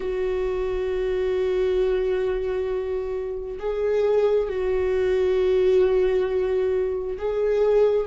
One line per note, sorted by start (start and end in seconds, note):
0.00 3.58 F#4
3.59 4.49 G#4
4.49 7.17 F#4
7.18 8.06 G#4